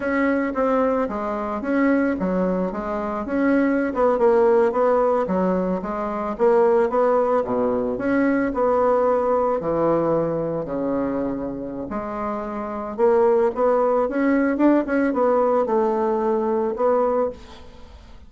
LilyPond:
\new Staff \with { instrumentName = "bassoon" } { \time 4/4 \tempo 4 = 111 cis'4 c'4 gis4 cis'4 | fis4 gis4 cis'4~ cis'16 b8 ais16~ | ais8. b4 fis4 gis4 ais16~ | ais8. b4 b,4 cis'4 b16~ |
b4.~ b16 e2 cis16~ | cis2 gis2 | ais4 b4 cis'4 d'8 cis'8 | b4 a2 b4 | }